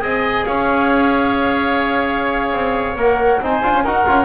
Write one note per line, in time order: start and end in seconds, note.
0.00 0.45 C4
0.00 2.96 G#4
0.00 0.45 D#5
0.00 0.44 G#5
0.45 2.52 C#4
0.45 3.41 C#5
0.45 2.97 F5
2.52 2.96 C4
2.96 3.39 A#3
2.96 3.41 A#4
2.96 3.42 F#5
3.40 3.62 C4
3.40 3.63 D#4
3.40 3.84 C5
3.40 3.85 G#5
3.63 3.74 D4
3.63 3.85 F4
3.74 3.83 C#4
3.83 4.05 D#4
3.83 4.06 F#4
3.83 4.25 A#4
3.83 4.25 F#5
4.06 4.25 C#4
4.06 4.25 F4